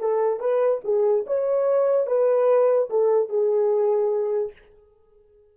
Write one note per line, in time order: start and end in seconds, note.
0.00 0.40 A4
0.40 0.81 B4
0.85 1.26 G#4
1.27 2.07 C#5
2.07 2.90 B4
2.90 3.29 A4
3.29 4.52 G#4